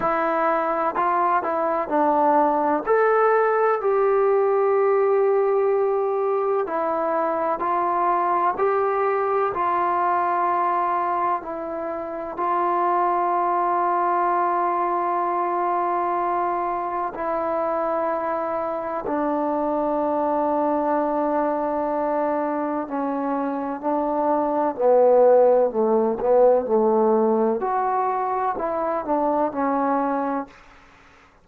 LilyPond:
\new Staff \with { instrumentName = "trombone" } { \time 4/4 \tempo 4 = 63 e'4 f'8 e'8 d'4 a'4 | g'2. e'4 | f'4 g'4 f'2 | e'4 f'2.~ |
f'2 e'2 | d'1 | cis'4 d'4 b4 a8 b8 | a4 fis'4 e'8 d'8 cis'4 | }